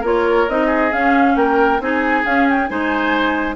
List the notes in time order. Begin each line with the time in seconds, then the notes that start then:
0.00 A#3 F4 A#4 C#5
0.48 C4 D#4 D#5
0.66 G#4
0.91 C#4 F5
1.35 A#3 A#4 G5
1.79 C4 D#4 G#4 G#5
2.25 C#4 F5
2.49 G5
2.66 G#3 D#4 C5 G#5